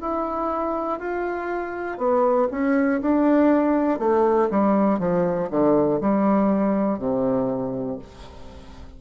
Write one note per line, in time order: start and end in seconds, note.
0.00 0.99 E4
0.99 1.98 F4
1.98 2.48 B3
2.51 3.01 C#4
3.01 3.99 D4
3.99 4.49 A3
4.50 4.99 G3
4.99 5.49 F3
5.50 6.00 D3
6.00 6.98 G3
6.98 7.98 C3